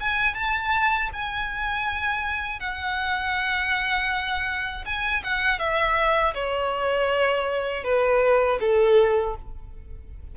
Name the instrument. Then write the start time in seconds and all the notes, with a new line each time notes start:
violin
0.00 G#5
0.35 A5
1.13 G#5
2.60 F#5
4.85 G#5
5.23 F#5
5.59 E5
6.34 C#5
7.84 B4
8.60 A4